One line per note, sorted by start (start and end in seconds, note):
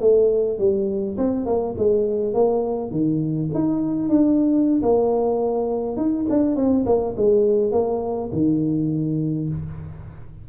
0.00 0.58 A3
0.59 1.17 G3
1.17 1.45 C4
1.45 1.74 A#3
1.77 2.34 G#3
2.34 2.91 A#3
2.91 3.49 D#3
3.54 4.09 D#4
4.09 4.81 D4
4.82 5.96 A#3
5.96 6.25 D#4
6.29 6.55 D4
6.55 6.84 C4
6.85 7.14 A#3
7.16 7.72 G#3
7.72 8.30 A#3
8.32 9.48 D#3